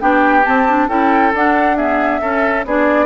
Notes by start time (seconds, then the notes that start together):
0.00 B3 D4 G4 G5
0.44 C4 A5
0.68 D4
0.89 C#4 E4 A4 G5
1.34 D4 F#5
1.77 B3 G#4 E5
2.21 C#4 A4
2.65 B3 D4 G#4 D5